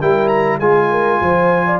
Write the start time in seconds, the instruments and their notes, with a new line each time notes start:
0.00 tuba G3, trombone E4, horn A#4, trumpet G5
0.28 trumpet A#5
0.59 tuba G#3, trombone F4, horn G#4, trumpet G#5
0.91 horn A#4
1.21 tuba F3, horn C5
1.67 horn D5